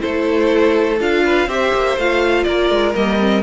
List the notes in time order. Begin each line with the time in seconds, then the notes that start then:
0.00 A3 E4 A4 C5
1.01 D4 F4 F5
1.24 B4
1.47 C4 G4 C5 E5
1.74 A#3
1.97 A3 F4 F5
2.44 A#3 A#4 D5
2.70 G#3
2.95 G3 A#3 D#5
3.20 C4